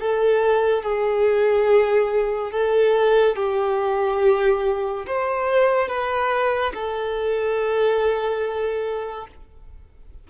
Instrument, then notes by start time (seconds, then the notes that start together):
violin
0.00 A4
0.83 G#4
2.52 A4
3.36 G4
5.06 C5
5.88 B4
6.74 A4